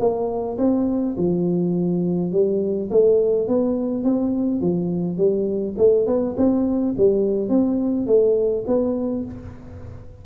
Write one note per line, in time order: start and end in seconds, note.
0.00 0.58 A#3
0.58 1.16 C4
1.17 2.32 F3
2.32 2.90 G3
2.91 3.48 A3
3.48 4.04 B3
4.04 4.61 C4
4.61 5.17 F3
5.17 5.75 G3
5.78 6.07 A3
6.07 6.35 B3
6.37 6.95 C4
6.97 7.49 G3
7.49 8.07 C4
8.07 8.64 A3
8.67 9.25 B3